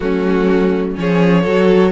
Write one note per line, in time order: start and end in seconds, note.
0.00 0.97 F#3
0.00 0.95 A3
0.00 0.99 C#4
0.00 0.96 F#4
0.95 1.46 F3
0.95 1.44 C#4
0.95 1.42 G#4
0.95 1.92 C#5
1.42 1.92 F#3
1.42 1.92 F#4
1.42 1.91 A4